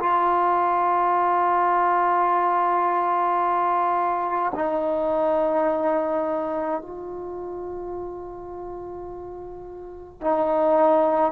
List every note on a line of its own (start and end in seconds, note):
0.00 4.53 F4
4.55 6.81 D#4
6.81 10.21 F4
10.21 11.33 D#4